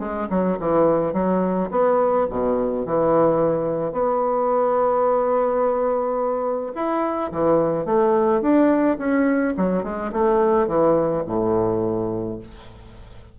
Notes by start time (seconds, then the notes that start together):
0.00 G#3
0.30 F#3
0.60 E3
1.13 F#3
1.71 B3
2.30 B2
2.86 E3
3.93 B3
6.75 E4
7.32 E3
7.86 A3
8.42 D4
8.99 C#4
9.57 F#3
9.84 G#3
10.13 A3
10.68 E3
11.27 A2